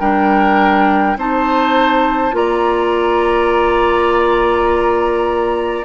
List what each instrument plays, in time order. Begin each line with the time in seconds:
0.00 bassoon G3, clarinet D4, oboe A#4, flute G5
1.17 bassoon C4, clarinet D#4, oboe C5, flute A5
2.32 bassoon A#3, clarinet F4, oboe D5, flute A#5